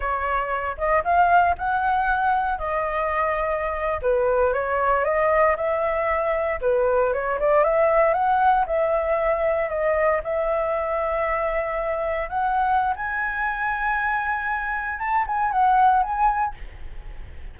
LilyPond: \new Staff \with { instrumentName = "flute" } { \time 4/4 \tempo 4 = 116 cis''4. dis''8 f''4 fis''4~ | fis''4 dis''2~ dis''8. b'16~ | b'8. cis''4 dis''4 e''4~ e''16~ | e''8. b'4 cis''8 d''8 e''4 fis''16~ |
fis''8. e''2 dis''4 e''16~ | e''2.~ e''8. fis''16~ | fis''4 gis''2.~ | gis''4 a''8 gis''8 fis''4 gis''4 | }